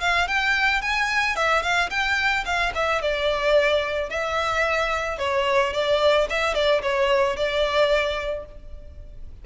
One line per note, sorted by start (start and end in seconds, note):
0.00 0.27 F5
0.27 0.81 G5
0.81 1.36 G#5
1.36 1.62 E5
1.62 1.89 F5
1.89 2.44 G5
2.45 2.72 F5
2.74 3.01 E5
3.01 4.09 D5
4.09 5.18 E5
5.18 5.73 C#5
5.73 6.27 D5
6.29 6.54 E5
6.54 6.81 D5
6.82 7.36 C#5
7.36 8.45 D5